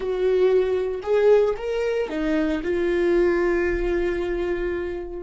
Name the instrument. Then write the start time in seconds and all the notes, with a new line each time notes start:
viola
0.00 F#4
1.02 G#4
1.57 A#4
2.09 D#4
2.63 F4